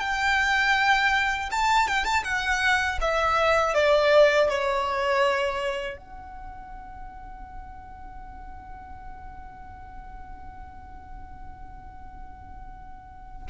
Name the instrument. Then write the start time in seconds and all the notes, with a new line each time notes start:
violin
0.00 G5
1.51 A5
1.88 G5
2.05 A5
2.24 F#5
3.01 E5
3.74 D5
4.49 C#5
5.98 F#5